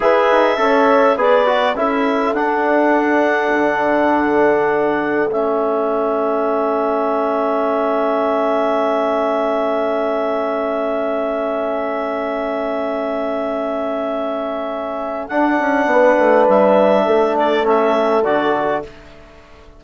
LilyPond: <<
  \new Staff \with { instrumentName = "clarinet" } { \time 4/4 \tempo 4 = 102 e''2 d''4 e''4 | fis''1~ | fis''4 e''2.~ | e''1~ |
e''1~ | e''1~ | e''2 fis''2 | e''4. d''8 e''4 d''4 | }
  \new Staff \with { instrumentName = "horn" } { \time 4/4 b'4 cis''4 b'4 a'4~ | a'1~ | a'1~ | a'1~ |
a'1~ | a'1~ | a'2. b'4~ | b'4 a'2. | }
  \new Staff \with { instrumentName = "trombone" } { \time 4/4 gis'4 a'4 gis'8 fis'8 e'4 | d'1~ | d'4 cis'2.~ | cis'1~ |
cis'1~ | cis'1~ | cis'2 d'2~ | d'2 cis'4 fis'4 | }
  \new Staff \with { instrumentName = "bassoon" } { \time 4/4 e'8 dis'8 cis'4 b4 cis'4 | d'2 d2~ | d4 a2.~ | a1~ |
a1~ | a1~ | a2 d'8 cis'8 b8 a8 | g4 a2 d4 | }
>>